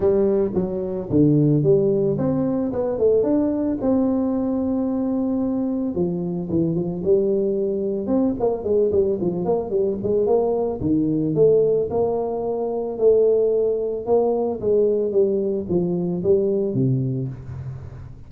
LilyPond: \new Staff \with { instrumentName = "tuba" } { \time 4/4 \tempo 4 = 111 g4 fis4 d4 g4 | c'4 b8 a8 d'4 c'4~ | c'2. f4 | e8 f8 g2 c'8 ais8 |
gis8 g8 f8 ais8 g8 gis8 ais4 | dis4 a4 ais2 | a2 ais4 gis4 | g4 f4 g4 c4 | }